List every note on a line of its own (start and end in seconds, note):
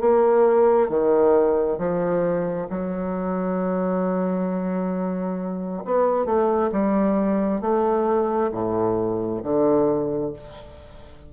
0.00 0.89 A#3
0.89 1.78 D#3
1.78 2.67 F3
2.69 5.83 F#3
5.85 6.25 B3
6.25 6.70 A3
6.71 7.61 G3
7.61 8.50 A3
8.52 9.41 A2
9.43 10.32 D3